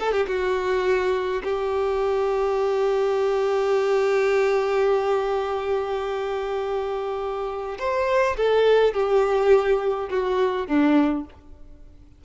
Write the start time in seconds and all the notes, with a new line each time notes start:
0.00 A4
0.12 G4
0.28 F#4
1.44 G4
7.79 C5
8.37 A4
8.94 G4
10.10 F#4
10.68 D4